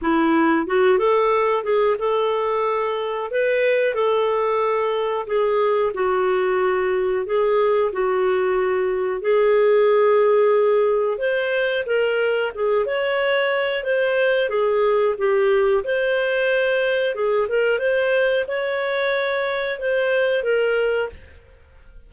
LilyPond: \new Staff \with { instrumentName = "clarinet" } { \time 4/4 \tempo 4 = 91 e'4 fis'8 a'4 gis'8 a'4~ | a'4 b'4 a'2 | gis'4 fis'2 gis'4 | fis'2 gis'2~ |
gis'4 c''4 ais'4 gis'8 cis''8~ | cis''4 c''4 gis'4 g'4 | c''2 gis'8 ais'8 c''4 | cis''2 c''4 ais'4 | }